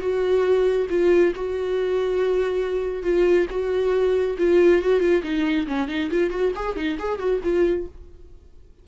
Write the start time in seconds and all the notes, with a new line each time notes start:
0.00 F#4
0.90 F4
1.35 F#4
3.03 F4
3.50 F#4
4.38 F4
4.82 F#4
5.00 F4
5.23 D#4
5.67 C#4
5.88 D#4
6.10 F4
6.30 F#4
6.55 G#4
6.76 D#4
6.99 G#4
7.19 F#4
7.43 F4